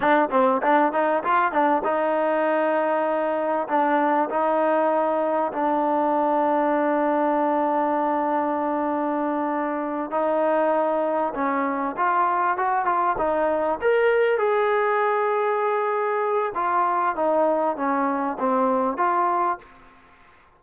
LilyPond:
\new Staff \with { instrumentName = "trombone" } { \time 4/4 \tempo 4 = 98 d'8 c'8 d'8 dis'8 f'8 d'8 dis'4~ | dis'2 d'4 dis'4~ | dis'4 d'2.~ | d'1~ |
d'8 dis'2 cis'4 f'8~ | f'8 fis'8 f'8 dis'4 ais'4 gis'8~ | gis'2. f'4 | dis'4 cis'4 c'4 f'4 | }